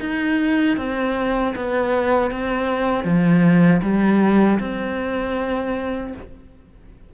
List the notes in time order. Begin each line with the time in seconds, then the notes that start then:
0.00 D#4
0.77 C4
1.55 B3
2.31 C4
3.04 F3
3.82 G3
4.59 C4